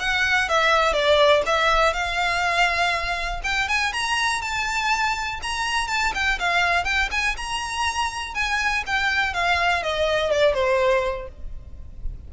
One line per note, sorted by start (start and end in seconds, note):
0.00 0.49 F#5
0.49 0.93 E5
0.93 1.43 D5
1.46 1.94 E5
1.94 3.41 F5
3.44 3.69 G5
3.69 3.93 G#5
3.93 4.42 A#5
4.42 5.40 A5
5.43 5.88 A#5
5.88 6.13 A5
6.15 6.39 G5
6.40 6.85 F5
6.85 7.10 G5
7.12 7.36 G#5
7.37 8.35 A#5
8.35 8.84 G#5
8.87 9.34 G5
9.34 9.83 F5
9.83 10.31 D#5
10.31 10.54 D5
10.54 11.28 C5